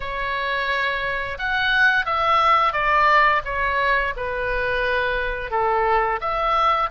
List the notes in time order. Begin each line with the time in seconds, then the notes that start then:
0.00 C#5
1.38 F#5
2.05 E5
2.72 D5
3.45 C#5
4.16 B4
5.50 A4
6.20 E5